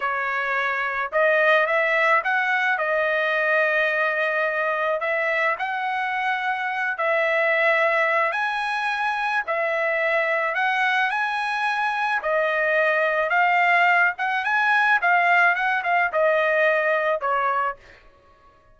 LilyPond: \new Staff \with { instrumentName = "trumpet" } { \time 4/4 \tempo 4 = 108 cis''2 dis''4 e''4 | fis''4 dis''2.~ | dis''4 e''4 fis''2~ | fis''8 e''2~ e''8 gis''4~ |
gis''4 e''2 fis''4 | gis''2 dis''2 | f''4. fis''8 gis''4 f''4 | fis''8 f''8 dis''2 cis''4 | }